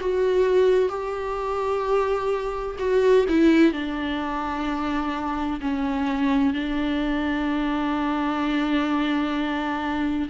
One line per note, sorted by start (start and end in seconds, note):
0.00 0.89 F#4
0.89 2.76 G4
2.79 3.26 F#4
3.29 3.72 E4
3.72 5.60 D4
5.61 6.54 C#4
6.54 10.29 D4